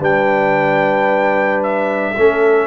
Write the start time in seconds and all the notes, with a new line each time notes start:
0.00 G3 D4 B4 G5
1.63 E5
2.17 A3 C#4 A4